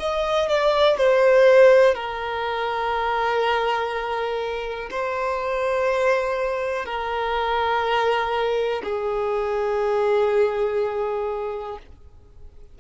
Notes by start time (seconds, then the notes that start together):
0.00 D#5
0.49 D5
0.98 C5
1.95 A#4
4.91 C5
6.86 A#4
8.84 G#4